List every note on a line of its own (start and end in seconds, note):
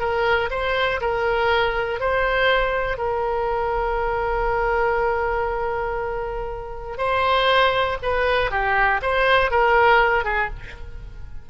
0.00 0.50 A#4
0.51 1.01 C5
1.01 2.00 A#4
2.00 2.98 C5
2.98 6.98 A#4
6.98 7.98 C5
8.03 8.51 B4
8.51 9.01 G4
9.03 9.51 C5
9.51 10.25 A#4
10.25 10.50 G#4